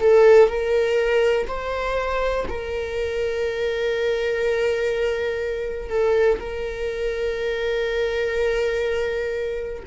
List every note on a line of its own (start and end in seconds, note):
0.00 0.48 A4
0.48 1.47 A#4
1.47 2.45 C5
2.48 5.90 A#4
5.90 6.39 A4
6.39 9.84 A#4